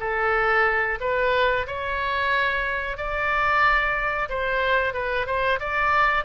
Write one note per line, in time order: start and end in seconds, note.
0.00 0.99 A4
1.01 1.67 B4
1.67 2.97 C#5
2.97 4.29 D5
4.29 4.94 C5
4.94 5.26 B4
5.26 5.59 C5
5.60 6.25 D5